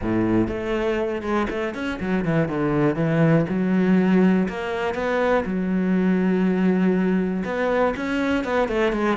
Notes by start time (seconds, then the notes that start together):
0.02 A2
0.47 A3
1.22 G#3
1.49 A3
1.74 C#4
2.00 F#3
2.24 E3
2.48 D3
2.95 E3
3.48 F#3
4.48 A#3
4.94 B3
5.45 F#3
7.44 B3
7.96 C#4
8.44 B3
8.68 A3
8.92 G#3